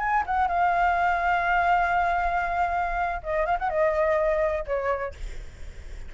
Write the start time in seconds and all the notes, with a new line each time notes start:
0.00 G#5
0.27 F#5
0.48 F5
3.23 D#5
3.46 F5
3.60 F#5
3.70 D#5
4.67 C#5